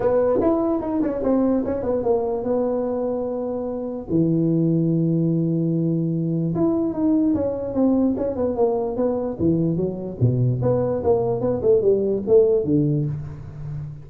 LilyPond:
\new Staff \with { instrumentName = "tuba" } { \time 4/4 \tempo 4 = 147 b4 e'4 dis'8 cis'8 c'4 | cis'8 b8 ais4 b2~ | b2 e2~ | e1 |
e'4 dis'4 cis'4 c'4 | cis'8 b8 ais4 b4 e4 | fis4 b,4 b4 ais4 | b8 a8 g4 a4 d4 | }